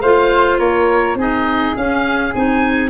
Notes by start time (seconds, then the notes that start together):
0.00 A3 F4 C5 F5
0.59 A#3 A#4 C#5
1.15 C4 D#4 G#4 D#5
1.76 C#4 F5
2.35 C4 D#4 G#5